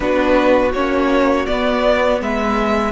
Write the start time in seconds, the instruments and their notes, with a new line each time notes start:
0.00 cello B3, viola D4, violin F#4 B4
0.73 cello A#3, viola C#4, violin C#5
1.46 viola B3, cello B3, violin D5
2.20 cello G#3, violin B4 E5